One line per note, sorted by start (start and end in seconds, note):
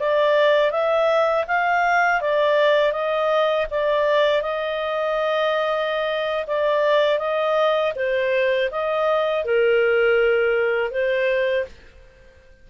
0.00 0.71 D5
0.71 1.45 E5
1.47 2.22 F5
2.22 2.92 D5
2.92 3.66 D#5
3.71 4.42 D5
4.42 6.46 D#5
6.47 7.19 D5
7.19 7.93 D#5
7.96 8.70 C5
8.71 9.45 D#5
9.45 10.91 A#4
10.91 11.65 C5